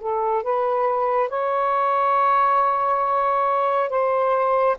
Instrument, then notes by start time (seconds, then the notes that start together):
saxophone
0.00 A4
0.43 B4
1.29 C#5
3.90 C5